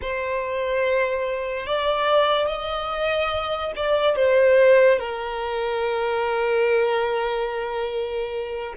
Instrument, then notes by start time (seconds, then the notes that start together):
violin
0.01 C5
1.66 D5
2.47 D#5
3.75 D5
4.16 C5
4.99 A#4